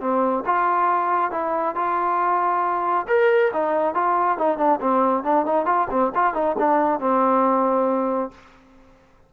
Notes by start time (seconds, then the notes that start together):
0.00 C4
0.45 F4
1.31 E4
1.75 F4
3.07 A#4
3.53 D#4
3.94 F4
4.38 D#4
4.57 D4
4.80 C4
5.23 D4
5.45 D#4
5.65 F4
5.90 C4
6.15 F4
6.34 D#4
6.58 D4
7.00 C4